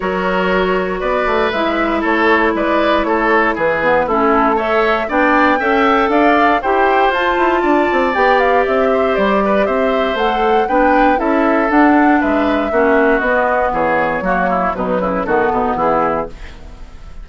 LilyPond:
<<
  \new Staff \with { instrumentName = "flute" } { \time 4/4 \tempo 4 = 118 cis''2 d''4 e''4 | cis''4 d''4 cis''4 b'4 | a'4 e''4 g''2 | f''4 g''4 a''2 |
g''8 f''8 e''4 d''4 e''4 | fis''4 g''4 e''4 fis''4 | e''2 dis''4 cis''4~ | cis''4 b'4 a'4 gis'4 | }
  \new Staff \with { instrumentName = "oboe" } { \time 4/4 ais'2 b'2 | a'4 b'4 a'4 gis'4 | e'4 cis''4 d''4 e''4 | d''4 c''2 d''4~ |
d''4. c''4 b'8 c''4~ | c''4 b'4 a'2 | b'4 fis'2 gis'4 | fis'8 e'8 dis'8 e'8 fis'8 dis'8 e'4 | }
  \new Staff \with { instrumentName = "clarinet" } { \time 4/4 fis'2. e'4~ | e'2.~ e'8 b8 | cis'4 a'4 d'4 a'4~ | a'4 g'4 f'2 |
g'1 | a'4 d'4 e'4 d'4~ | d'4 cis'4 b2 | ais4 fis4 b2 | }
  \new Staff \with { instrumentName = "bassoon" } { \time 4/4 fis2 b8 a8 gis4 | a4 gis4 a4 e4 | a2 b4 cis'4 | d'4 e'4 f'8 e'8 d'8 c'8 |
b4 c'4 g4 c'4 | a4 b4 cis'4 d'4 | gis4 ais4 b4 e4 | fis4 b,8 cis8 dis8 b,8 e4 | }
>>